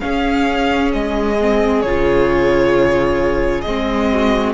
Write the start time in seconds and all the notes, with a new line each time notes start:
0.00 C#4 G#4 F5
0.94 G#3 D#5
1.41 C4
1.81 C#3 F4 C#5
3.62 G#3 C4 D#5
4.12 F#4